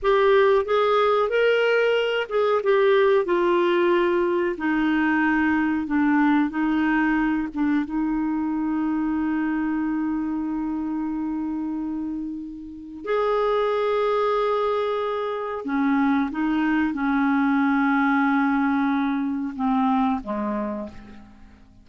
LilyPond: \new Staff \with { instrumentName = "clarinet" } { \time 4/4 \tempo 4 = 92 g'4 gis'4 ais'4. gis'8 | g'4 f'2 dis'4~ | dis'4 d'4 dis'4. d'8 | dis'1~ |
dis'1 | gis'1 | cis'4 dis'4 cis'2~ | cis'2 c'4 gis4 | }